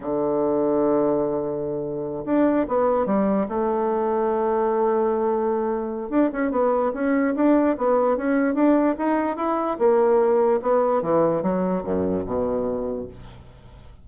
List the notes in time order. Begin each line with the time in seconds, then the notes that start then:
0.00 D3
2.25 D4
2.68 B3
3.05 G3
3.48 A3
6.09 D4
6.32 C#4
6.51 B3
6.93 C#4
7.35 D4
7.77 B3
8.16 C#4
8.54 D4
8.98 D#4
9.36 E4
9.78 A#3
10.62 B3
11.02 E3
11.42 F#3
11.83 F#2
12.25 B2